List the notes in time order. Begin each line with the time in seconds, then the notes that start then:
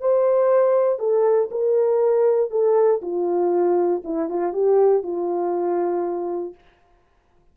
0.00 C5
0.99 A4
1.51 A#4
2.50 A4
3.02 F4
4.04 E4
4.29 F4
4.53 G4
5.03 F4